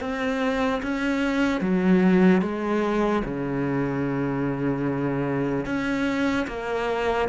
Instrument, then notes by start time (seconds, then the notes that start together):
cello
0.00 C4
0.82 C#4
1.61 F#3
2.41 G#3
3.24 C#3
5.65 C#4
6.47 A#3